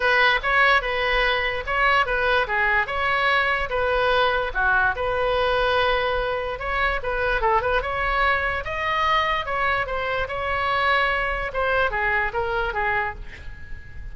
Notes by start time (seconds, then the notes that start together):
0.00 B4
0.43 C#5
0.81 B4
1.66 C#5
2.05 B4
2.47 G#4
2.87 C#5
3.69 B4
4.54 F#4
4.95 B4
6.59 C#5
7.02 B4
7.41 A4
7.61 B4
7.81 C#5
8.64 D#5
9.45 C#5
9.86 C5
10.28 C#5
11.53 C5
11.90 G#4
12.33 A#4
12.73 G#4